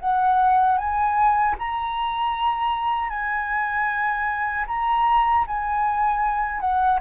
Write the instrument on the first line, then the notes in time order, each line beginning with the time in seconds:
flute
0.00 F#5
0.78 G#5
1.58 A#5
3.10 G#5
4.68 A#5
5.47 G#5
6.61 F#5